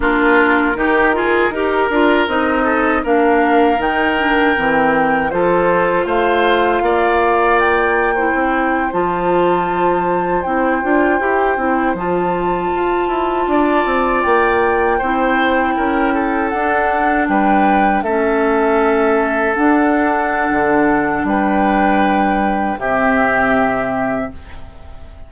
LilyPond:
<<
  \new Staff \with { instrumentName = "flute" } { \time 4/4 \tempo 4 = 79 ais'2. dis''4 | f''4 g''2 c''4 | f''2 g''4.~ g''16 a''16~ | a''4.~ a''16 g''2 a''16~ |
a''2~ a''8. g''4~ g''16~ | g''4.~ g''16 fis''4 g''4 e''16~ | e''4.~ e''16 fis''2~ fis''16 | g''2 e''2 | }
  \new Staff \with { instrumentName = "oboe" } { \time 4/4 f'4 g'8 gis'8 ais'4. a'8 | ais'2. a'4 | c''4 d''4.~ d''16 c''4~ c''16~ | c''1~ |
c''4.~ c''16 d''2 c''16~ | c''8. ais'8 a'4. b'4 a'16~ | a'1 | b'2 g'2 | }
  \new Staff \with { instrumentName = "clarinet" } { \time 4/4 d'4 dis'8 f'8 g'8 f'8 dis'4 | d'4 dis'8 d'8 c'4 f'4~ | f'2~ f'8. e'4 f'16~ | f'4.~ f'16 e'8 f'8 g'8 e'8 f'16~ |
f'2.~ f'8. e'16~ | e'4.~ e'16 d'2 cis'16~ | cis'4.~ cis'16 d'2~ d'16~ | d'2 c'2 | }
  \new Staff \with { instrumentName = "bassoon" } { \time 4/4 ais4 dis4 dis'8 d'8 c'4 | ais4 dis4 e4 f4 | a4 ais2 c'8. f16~ | f4.~ f16 c'8 d'8 e'8 c'8 f16~ |
f8. f'8 e'8 d'8 c'8 ais4 c'16~ | c'8. cis'4 d'4 g4 a16~ | a4.~ a16 d'4~ d'16 d4 | g2 c2 | }
>>